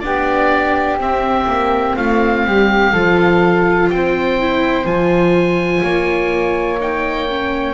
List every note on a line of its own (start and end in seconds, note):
0.00 0.98 B3
0.00 1.00 D4
0.00 1.97 G4
0.00 0.97 D5
0.98 1.46 C4
0.98 2.94 C4
0.98 1.97 E5
1.47 1.96 A#3
1.97 2.45 A3
1.97 2.45 F4
1.97 3.90 F5
2.45 2.94 G3
2.45 2.93 G4
2.93 3.91 F3
2.93 4.40 F4
2.93 3.90 A4
3.90 4.85 C4
3.90 5.83 C5
3.90 4.86 G5
4.40 4.86 E4
4.85 5.82 F3
4.85 6.80 F4
4.85 6.80 G#5
5.83 7.74 A#3
5.83 7.74 C#5
6.80 7.29 D#4
6.80 7.74 G5
7.29 7.74 C#4